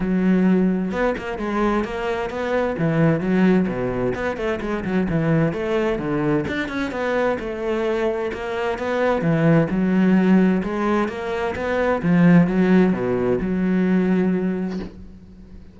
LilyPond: \new Staff \with { instrumentName = "cello" } { \time 4/4 \tempo 4 = 130 fis2 b8 ais8 gis4 | ais4 b4 e4 fis4 | b,4 b8 a8 gis8 fis8 e4 | a4 d4 d'8 cis'8 b4 |
a2 ais4 b4 | e4 fis2 gis4 | ais4 b4 f4 fis4 | b,4 fis2. | }